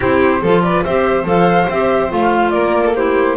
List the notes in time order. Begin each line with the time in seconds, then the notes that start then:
0.00 C4 E4 G4 C5
0.41 F3 F4 A4
0.62 B4 D5
0.84 C4 G4 C5 E5
1.24 F3 A4 F5
1.69 C4 G4 E5
2.09 A3 F4 F5
2.50 A#3 A#4 D5
2.85 A4
2.95 E4 G4 C5